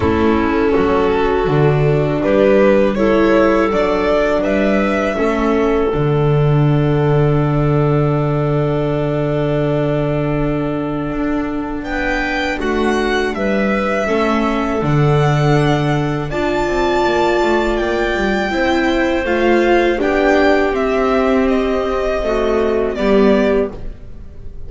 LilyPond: <<
  \new Staff \with { instrumentName = "violin" } { \time 4/4 \tempo 4 = 81 a'2. b'4 | cis''4 d''4 e''2 | fis''1~ | fis''1 |
g''4 fis''4 e''2 | fis''2 a''2 | g''2 f''4 g''4 | e''4 dis''2 d''4 | }
  \new Staff \with { instrumentName = "clarinet" } { \time 4/4 e'4 fis'2 g'4 | a'2 b'4 a'4~ | a'1~ | a'1 |
b'4 fis'4 b'4 a'4~ | a'2 d''2~ | d''4 c''2 g'4~ | g'2 fis'4 g'4 | }
  \new Staff \with { instrumentName = "viola" } { \time 4/4 cis'2 d'2 | e'4 d'2 cis'4 | d'1~ | d'1~ |
d'2. cis'4 | d'2 f'2~ | f'4 e'4 f'4 d'4 | c'2 a4 b4 | }
  \new Staff \with { instrumentName = "double bass" } { \time 4/4 a4 fis4 d4 g4~ | g4 fis4 g4 a4 | d1~ | d2. d'4 |
b4 a4 g4 a4 | d2 d'8 c'8 ais8 a8 | ais8 g8 c'4 a4 b4 | c'2. g4 | }
>>